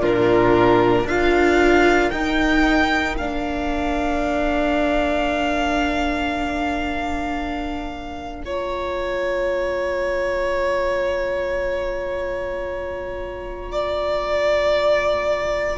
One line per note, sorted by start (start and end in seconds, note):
0.00 1.05 A#2
0.00 1.07 D4
0.00 1.04 F4
0.00 1.09 A#4
1.04 2.10 D4
1.04 2.13 F4
1.04 8.41 A#4
1.04 2.11 F5
2.11 3.17 D#4
2.11 3.18 D#4
2.11 3.16 G5
3.17 15.78 A#3
3.17 8.45 D4
3.17 8.44 F5
8.44 15.78 F4
8.44 13.72 C#5
8.44 15.78 A#5
13.72 15.78 D5